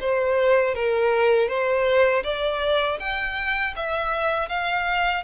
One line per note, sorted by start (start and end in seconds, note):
0.00 0.75 C5
0.75 1.49 A#4
1.49 2.24 C5
2.24 2.99 D5
3.00 3.75 G5
3.76 4.49 E5
4.49 5.24 F5